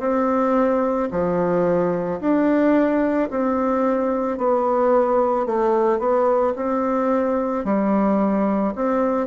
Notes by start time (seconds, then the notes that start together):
0.00 C4
1.11 F3
2.20 D4
3.30 C4
4.38 B3
5.46 A3
5.99 B3
6.56 C4
7.65 G3
8.75 C4